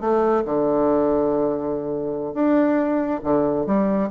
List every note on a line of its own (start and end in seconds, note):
0.00 0.43 A3
0.45 2.34 D3
2.34 3.20 D4
3.23 3.66 D3
3.66 4.09 G3